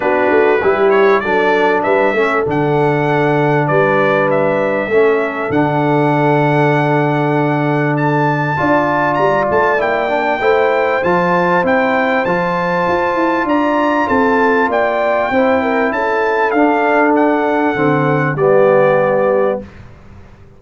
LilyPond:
<<
  \new Staff \with { instrumentName = "trumpet" } { \time 4/4 \tempo 4 = 98 b'4. cis''8 d''4 e''4 | fis''2 d''4 e''4~ | e''4 fis''2.~ | fis''4 a''2 ais''8 a''8 |
g''2 a''4 g''4 | a''2 ais''4 a''4 | g''2 a''4 f''4 | fis''2 d''2 | }
  \new Staff \with { instrumentName = "horn" } { \time 4/4 fis'4 g'4 a'4 b'8 a'8~ | a'2 b'2 | a'1~ | a'2 d''2~ |
d''4 c''2.~ | c''2 d''4 a'4 | d''4 c''8 ais'8 a'2~ | a'2 g'2 | }
  \new Staff \with { instrumentName = "trombone" } { \time 4/4 d'4 e'4 d'4. cis'8 | d'1 | cis'4 d'2.~ | d'2 f'2 |
e'8 d'8 e'4 f'4 e'4 | f'1~ | f'4 e'2 d'4~ | d'4 c'4 b2 | }
  \new Staff \with { instrumentName = "tuba" } { \time 4/4 b8 a8 g4 fis4 g8 a8 | d2 g2 | a4 d2.~ | d2 d'4 g8 a8 |
ais4 a4 f4 c'4 | f4 f'8 e'8 d'4 c'4 | ais4 c'4 cis'4 d'4~ | d'4 d4 g2 | }
>>